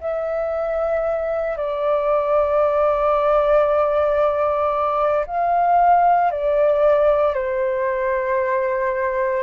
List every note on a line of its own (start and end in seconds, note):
0.00 1.57 E5
1.57 5.25 D5
5.26 6.31 F5
6.31 7.34 D5
7.34 9.43 C5